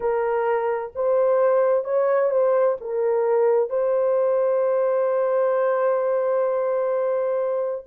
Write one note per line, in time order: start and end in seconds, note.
0.00 0.92 A#4
0.95 1.84 C5
1.84 2.30 C#5
2.30 2.77 C5
2.80 3.69 A#4
3.69 7.85 C5